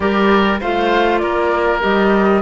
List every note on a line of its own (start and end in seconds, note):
0.00 0.60 G3
0.00 0.59 G4
0.00 0.60 A#4
0.00 0.59 D5
0.60 1.22 A3
0.60 1.80 F4
0.60 1.21 C5
0.60 1.18 F5
1.18 1.83 A#3
1.18 2.42 A#4
1.18 1.79 D5
1.80 2.42 G3
1.80 2.41 G4
1.80 2.42 D#5